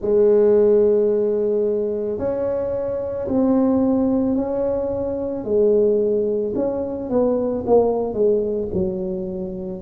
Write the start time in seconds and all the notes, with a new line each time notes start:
0.01 G#3
2.18 C#4
3.27 C4
4.35 C#4
5.44 G#3
6.55 C#4
7.09 B3
7.66 A#3
8.13 G#3
8.73 F#3